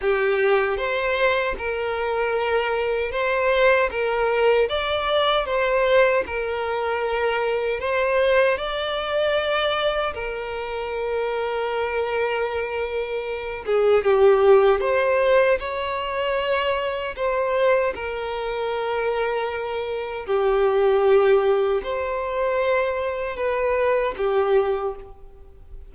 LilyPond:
\new Staff \with { instrumentName = "violin" } { \time 4/4 \tempo 4 = 77 g'4 c''4 ais'2 | c''4 ais'4 d''4 c''4 | ais'2 c''4 d''4~ | d''4 ais'2.~ |
ais'4. gis'8 g'4 c''4 | cis''2 c''4 ais'4~ | ais'2 g'2 | c''2 b'4 g'4 | }